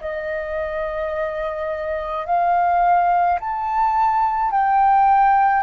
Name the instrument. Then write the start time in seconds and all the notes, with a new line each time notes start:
flute
0.00 D#5
2.25 F5
3.40 A5
4.51 G5